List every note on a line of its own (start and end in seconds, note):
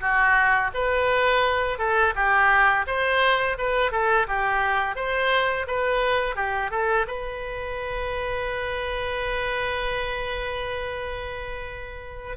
0.00 0.71 F#4
0.74 1.78 B4
1.78 2.14 A4
2.15 2.86 G4
2.87 3.57 C5
3.58 3.91 B4
3.91 4.27 A4
4.27 4.95 G4
4.95 5.66 C5
5.67 6.35 B4
6.35 6.70 G4
6.70 7.06 A4
7.07 12.37 B4